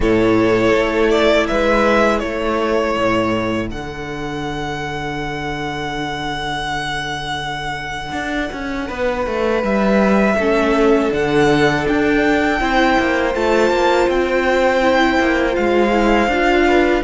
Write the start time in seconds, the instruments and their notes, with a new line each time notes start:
0.00 cello A2, viola E4, violin A4 C#5
0.74 cello A3
1.09 violin D5
1.47 cello G#3, violin B4 E5
2.19 cello A3, violin A4 C#5
2.97 cello A2
3.70 cello D3, viola D4, violin F#5
8.12 cello D4
8.52 cello C#4
8.87 cello B3, violin B4
9.26 cello A3
9.63 cello G3, violin E5
10.35 cello A3, viola C#4, violin A4
11.10 cello D3, viola D4, violin F#5
11.88 cello D4, violin G5
12.59 cello C4, viola E4, violin C5
12.98 cello A#3
13.34 cello A3, viola F4, violin A5
13.70 cello A#3
14.07 cello C4, violin G5
14.81 viola E4
15.19 cello A#3
15.52 viola F4, violin F5
15.58 cello G#3
15.92 viola E4
16.27 cello D4, viola F4
16.66 violin B4